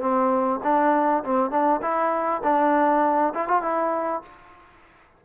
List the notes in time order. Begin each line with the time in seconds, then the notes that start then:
0.00 C4
0.64 D4
1.24 C4
1.51 D4
1.82 E4
2.44 D4
3.34 E4
3.48 F4
3.62 E4